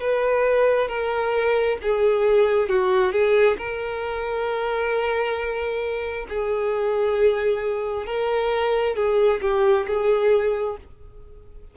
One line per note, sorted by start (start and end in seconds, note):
0.00 0.88 B4
0.88 1.77 A#4
1.82 2.69 G#4
2.69 3.12 F#4
3.12 3.57 G#4
3.58 6.26 A#4
6.29 8.06 G#4
8.06 8.96 A#4
8.96 9.41 G#4
9.41 9.86 G4
9.88 10.77 G#4